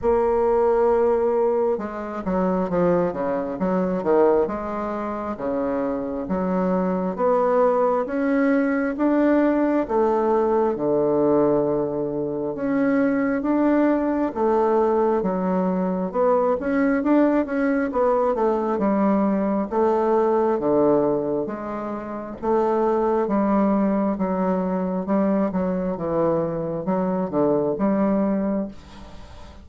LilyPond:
\new Staff \with { instrumentName = "bassoon" } { \time 4/4 \tempo 4 = 67 ais2 gis8 fis8 f8 cis8 | fis8 dis8 gis4 cis4 fis4 | b4 cis'4 d'4 a4 | d2 cis'4 d'4 |
a4 fis4 b8 cis'8 d'8 cis'8 | b8 a8 g4 a4 d4 | gis4 a4 g4 fis4 | g8 fis8 e4 fis8 d8 g4 | }